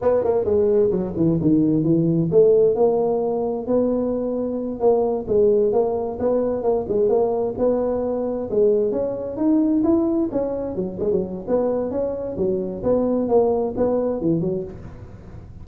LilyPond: \new Staff \with { instrumentName = "tuba" } { \time 4/4 \tempo 4 = 131 b8 ais8 gis4 fis8 e8 dis4 | e4 a4 ais2 | b2~ b8 ais4 gis8~ | gis8 ais4 b4 ais8 gis8 ais8~ |
ais8 b2 gis4 cis'8~ | cis'8 dis'4 e'4 cis'4 fis8 | gis16 fis8. b4 cis'4 fis4 | b4 ais4 b4 e8 fis8 | }